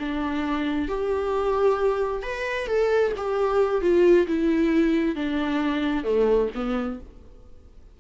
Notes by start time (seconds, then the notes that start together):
0.00 D4
0.88 G4
2.23 B4
2.68 A4
3.17 G4
3.82 F4
4.27 E4
5.16 D4
6.04 A3
6.55 B3